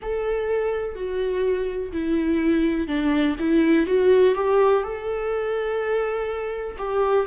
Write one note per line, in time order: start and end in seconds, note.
0.01 0.95 A4
0.95 1.91 F#4
1.92 2.87 E4
2.87 3.36 D4
3.39 3.86 E4
3.86 4.34 F#4
4.34 4.83 G4
4.83 6.76 A4
6.77 7.26 G4